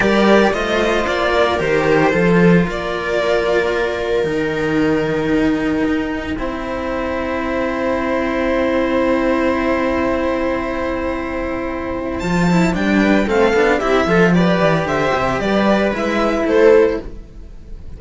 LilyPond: <<
  \new Staff \with { instrumentName = "violin" } { \time 4/4 \tempo 4 = 113 d''4 dis''4 d''4 c''4~ | c''4 d''2. | g''1~ | g''1~ |
g''1~ | g''2. a''4 | g''4 f''4 e''4 d''4 | e''4 d''4 e''4 c''4 | }
  \new Staff \with { instrumentName = "viola" } { \time 4/4 ais'4 c''4. ais'4. | a'4 ais'2.~ | ais'1 | c''1~ |
c''1~ | c''1~ | c''8 b'8 a'4 g'8 a'8 b'4 | c''4 b'2 a'4 | }
  \new Staff \with { instrumentName = "cello" } { \time 4/4 g'4 f'2 g'4 | f'1 | dis'1 | e'1~ |
e'1~ | e'2. f'8 e'8 | d'4 c'8 d'8 e'8 f'8 g'4~ | g'2 e'2 | }
  \new Staff \with { instrumentName = "cello" } { \time 4/4 g4 a4 ais4 dis4 | f4 ais2. | dis2. dis'4 | c'1~ |
c'1~ | c'2. f4 | g4 a8 b8 c'8 f4 e8 | d8 c8 g4 gis4 a4 | }
>>